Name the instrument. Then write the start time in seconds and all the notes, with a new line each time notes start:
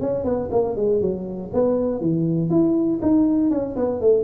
tuba
0.00 C#4
0.24 B3
0.51 A#3
0.76 G#3
1.01 F#3
1.53 B3
2.00 E3
2.50 E4
3.01 D#4
3.50 C#4
3.76 B3
4.00 A3